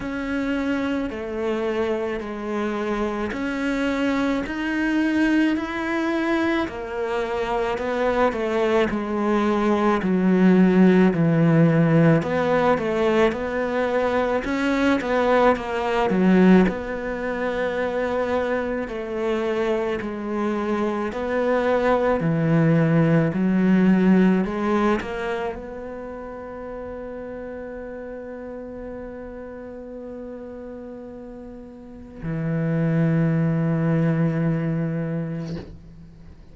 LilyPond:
\new Staff \with { instrumentName = "cello" } { \time 4/4 \tempo 4 = 54 cis'4 a4 gis4 cis'4 | dis'4 e'4 ais4 b8 a8 | gis4 fis4 e4 b8 a8 | b4 cis'8 b8 ais8 fis8 b4~ |
b4 a4 gis4 b4 | e4 fis4 gis8 ais8 b4~ | b1~ | b4 e2. | }